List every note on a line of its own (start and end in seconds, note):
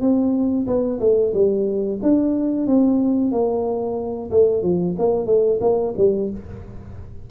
0.00 0.66 C4
0.66 0.99 B3
1.00 1.32 A3
1.33 1.99 G3
2.02 2.66 D4
2.66 3.31 C4
3.31 4.30 A#3
4.30 4.62 A3
4.62 4.95 F3
4.98 5.26 A#3
5.26 5.59 A3
5.60 5.93 A#3
5.97 6.30 G3